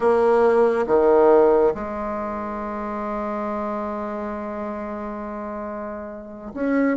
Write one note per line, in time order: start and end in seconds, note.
0.00 0.86 A#3
0.86 1.73 D#3
1.74 6.52 G#3
6.54 6.97 C#4